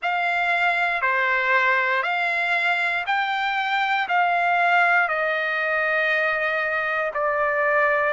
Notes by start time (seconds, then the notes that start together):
0.02 F5
1.01 C5
2.02 F5
3.06 G5
4.08 F5
5.08 D#5
7.14 D5